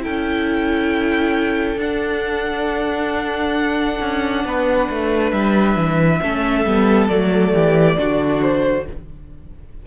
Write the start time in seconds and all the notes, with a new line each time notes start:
0.00 E4 A4 G5
0.07 C#4
1.76 D4 F#5
4.01 C#4
4.44 B3 B4
4.90 A3
5.31 G3 E5
5.76 E3
6.22 A3 C#4 A4
6.65 G3 B3
7.08 F#3 A3 D5
7.53 E3 G4
7.98 D3 D4 F#4
8.42 C5